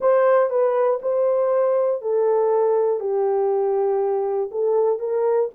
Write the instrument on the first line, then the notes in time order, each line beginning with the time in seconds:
horn
0.00 C5
0.50 B4
1.02 C5
2.01 A4
3.00 G4
4.51 A4
4.99 A#4